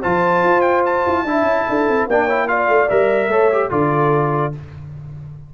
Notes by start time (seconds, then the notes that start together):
0.00 F3 F4 C5 A5
0.44 F4
0.61 G5
0.85 A5
1.06 E4
1.25 D4 E4 E5
1.43 C#4
1.69 D4 A4
1.88 C4
2.07 A#3 D4 D5 G5
2.25 E4 C#5
2.47 F4 D5 F5
2.68 A3
2.89 G3 A#4 E5
3.28 A3 A4 C#5
3.52 G4
3.70 D3 F4 A4 D5